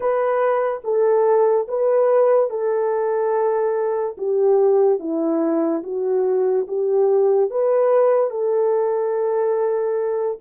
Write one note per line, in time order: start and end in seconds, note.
0.00 0.81 B4
0.83 1.67 A4
1.67 2.50 B4
2.50 4.16 A4
4.17 4.99 G4
4.99 5.82 E4
5.83 6.66 F#4
6.67 7.50 G4
7.50 8.30 B4
8.30 10.38 A4